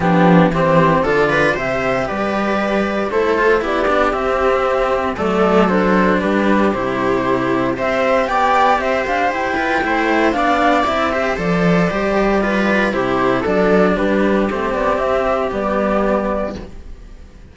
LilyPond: <<
  \new Staff \with { instrumentName = "flute" } { \time 4/4 \tempo 4 = 116 g'4 c''4 d''4 e''4 | d''2 c''4 d''4 | e''2 d''4 c''4 | b'4 c''2 e''4 |
g''4 e''8 f''8 g''2 | f''4 e''4 d''2~ | d''4 c''4 d''4 b'4 | c''8 d''8 e''4 d''2 | }
  \new Staff \with { instrumentName = "viola" } { \time 4/4 d'4 g'4 a'8 b'8 c''4 | b'2 a'4 g'4~ | g'2 a'2 | g'2. c''4 |
d''4 c''4. b'8 c''4 | d''4. c''2~ c''8 | b'4 g'4 a'4 g'4~ | g'1 | }
  \new Staff \with { instrumentName = "cello" } { \time 4/4 b4 c'4 f'4 g'4~ | g'2 e'8 f'8 e'8 d'8 | c'2 a4 d'4~ | d'4 e'2 g'4~ |
g'2~ g'8 f'8 e'4 | d'4 e'8 g'8 a'4 g'4 | f'4 e'4 d'2 | c'2 b2 | }
  \new Staff \with { instrumentName = "cello" } { \time 4/4 f4 e4 d4 c4 | g2 a4 b4 | c'2 fis2 | g4 c2 c'4 |
b4 c'8 d'8 e'4 a4 | b4 c'4 f4 g4~ | g4 c4 fis4 g4 | a8 b8 c'4 g2 | }
>>